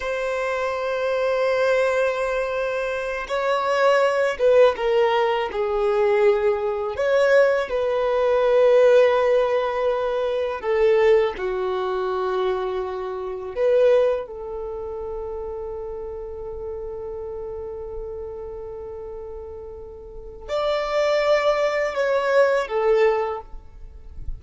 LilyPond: \new Staff \with { instrumentName = "violin" } { \time 4/4 \tempo 4 = 82 c''1~ | c''8 cis''4. b'8 ais'4 gis'8~ | gis'4. cis''4 b'4.~ | b'2~ b'8 a'4 fis'8~ |
fis'2~ fis'8 b'4 a'8~ | a'1~ | a'1 | d''2 cis''4 a'4 | }